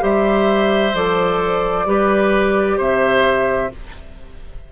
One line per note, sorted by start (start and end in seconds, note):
0.00 0.94 G3
0.00 0.92 G4
0.00 1.88 C5
0.00 0.96 E5
0.94 1.86 F3
0.94 1.86 A4
0.94 2.80 D5
1.86 2.79 G3
1.86 3.71 G4
1.86 2.78 B4
2.78 3.71 C3
2.78 3.70 C5
2.78 3.73 E5